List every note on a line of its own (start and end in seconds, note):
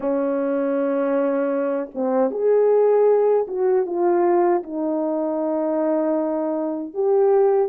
0.00 1.90 C#4
1.94 2.30 C4
2.30 3.46 G#4
3.47 3.85 F#4
3.85 4.62 F4
4.63 6.93 D#4
6.94 7.69 G4